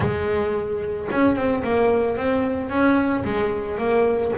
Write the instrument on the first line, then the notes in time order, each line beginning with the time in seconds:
double bass
0.00 G#3
1.11 C#4
1.35 C4
1.63 A#3
2.16 C4
2.69 C#4
3.24 G#3
3.78 A#3